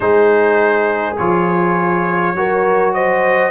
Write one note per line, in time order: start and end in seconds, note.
0.00 1.18 G#3
0.00 1.15 D#4
0.00 2.36 G#4
0.00 1.16 C5
1.17 2.34 F3
1.17 2.36 F4
1.17 2.93 C#5
2.34 3.51 F#3
2.34 3.51 F#4
2.34 2.94 A#4
2.93 3.51 C5
2.93 3.51 D#5